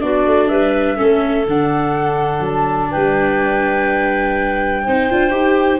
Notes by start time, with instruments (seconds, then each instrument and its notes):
0.00 tuba B3, viola D4, clarinet F#4, flute D5
0.26 tuba A3
0.48 tuba G3, clarinet B4, flute E5
0.96 tuba A3, viola C#4, clarinet A4
1.46 tuba D3, viola D4, flute F#5
2.40 tuba F#3, flute A5
2.90 tuba G3, clarinet B4, flute G5
4.83 tuba C4, viola D#4, clarinet C5
5.10 tuba D4, viola F4
5.30 tuba D#4, viola G4